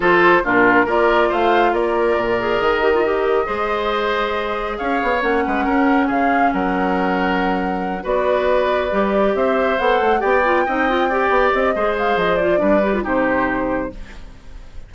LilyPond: <<
  \new Staff \with { instrumentName = "flute" } { \time 4/4 \tempo 4 = 138 c''4 ais'4 d''4 f''4 | d''2 dis''2~ | dis''2. f''4 | fis''2 f''4 fis''4~ |
fis''2~ fis''8 d''4.~ | d''4. e''4 fis''4 g''8~ | g''2~ g''8 dis''4 f''8 | dis''8 d''4. c''2 | }
  \new Staff \with { instrumentName = "oboe" } { \time 4/4 a'4 f'4 ais'4 c''4 | ais'1 | c''2. cis''4~ | cis''8 b'8 ais'4 gis'4 ais'4~ |
ais'2~ ais'8 b'4.~ | b'4. c''2 d''8~ | d''8 dis''4 d''4. c''4~ | c''4 b'4 g'2 | }
  \new Staff \with { instrumentName = "clarinet" } { \time 4/4 f'4 d'4 f'2~ | f'4. gis'4 g'16 f'16 g'4 | gis'1 | cis'1~ |
cis'2~ cis'8 fis'4.~ | fis'8 g'2 a'4 g'8 | f'8 dis'8 f'8 g'4. gis'4~ | gis'8 f'8 d'8 g'16 f'16 dis'2 | }
  \new Staff \with { instrumentName = "bassoon" } { \time 4/4 f4 ais,4 ais4 a4 | ais4 ais,4 dis2 | gis2. cis'8 b8 | ais8 gis8 cis'4 cis4 fis4~ |
fis2~ fis8 b4.~ | b8 g4 c'4 b8 a8 b8~ | b8 c'4. b8 c'8 gis4 | f4 g4 c2 | }
>>